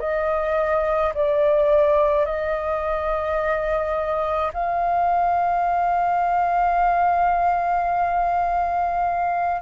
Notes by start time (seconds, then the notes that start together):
0.00 D#5
1.14 D5
2.25 D#5
4.53 F5